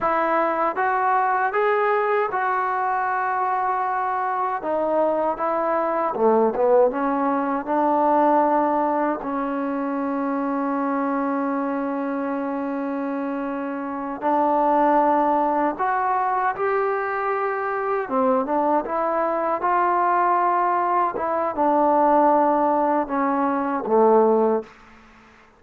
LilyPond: \new Staff \with { instrumentName = "trombone" } { \time 4/4 \tempo 4 = 78 e'4 fis'4 gis'4 fis'4~ | fis'2 dis'4 e'4 | a8 b8 cis'4 d'2 | cis'1~ |
cis'2~ cis'8 d'4.~ | d'8 fis'4 g'2 c'8 | d'8 e'4 f'2 e'8 | d'2 cis'4 a4 | }